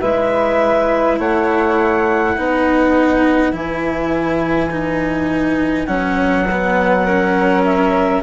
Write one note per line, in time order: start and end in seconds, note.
0.00 1.19 G#3
0.00 2.36 E4
0.00 1.18 B4
0.00 1.18 E5
1.19 2.37 A3
1.19 2.36 C#5
1.19 3.53 F#5
2.36 3.52 B3
2.36 3.52 D#4
2.36 7.04 B4
3.52 5.88 E3
3.52 4.70 E4
3.52 5.86 G#5
4.70 5.87 D#4
5.86 8.23 F#3
5.86 6.46 C#4
5.86 7.62 F#5
6.51 7.08 B3
7.04 8.23 C#4
7.04 8.22 A#4
7.64 8.23 E5